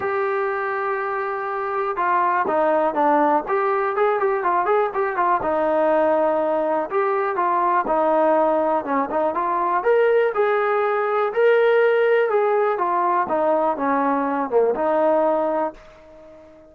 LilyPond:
\new Staff \with { instrumentName = "trombone" } { \time 4/4 \tempo 4 = 122 g'1 | f'4 dis'4 d'4 g'4 | gis'8 g'8 f'8 gis'8 g'8 f'8 dis'4~ | dis'2 g'4 f'4 |
dis'2 cis'8 dis'8 f'4 | ais'4 gis'2 ais'4~ | ais'4 gis'4 f'4 dis'4 | cis'4. ais8 dis'2 | }